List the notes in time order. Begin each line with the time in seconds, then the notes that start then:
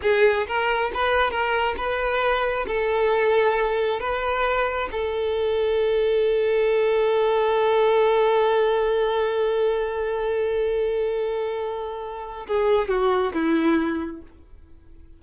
0.02 G#4
0.47 A#4
0.93 B4
1.31 A#4
1.77 B4
2.67 A4
4.00 B4
4.91 A4
12.47 G#4
12.88 F#4
13.33 E4